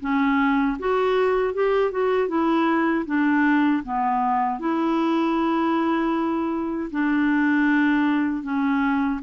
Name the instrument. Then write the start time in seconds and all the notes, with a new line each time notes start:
clarinet
0.00 C#4
0.79 F#4
1.53 G4
1.91 F#4
2.28 E4
3.06 D4
3.83 B3
4.59 E4
6.91 D4
8.43 C#4